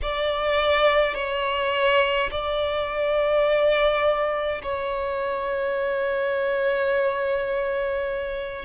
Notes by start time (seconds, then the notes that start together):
0.02 D5
1.14 C#5
2.31 D5
4.62 C#5